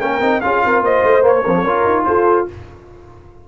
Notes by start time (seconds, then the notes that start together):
0.00 A#3 C#4 A#4 G5
0.20 C4 D#4
0.41 C#4 F4 G#4 F5
0.64 C4 A#4
0.80 A#3 C5 D#5
1.03 A3
1.21 A#3 C#5
1.44 F3 C4 A#4
1.54 A4
1.63 C#4 F4 A#4
1.85 D#4
2.05 F4 A4 C5